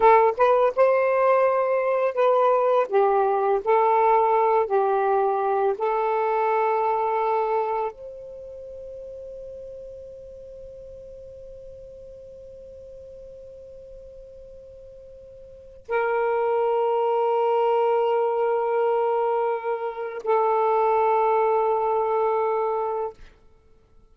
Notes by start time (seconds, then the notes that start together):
0.00 A4
0.37 B4
0.76 C5
2.14 B4
2.88 G4
3.64 A4
4.66 G4
5.78 A4
7.91 C5
15.88 A#4
20.24 A4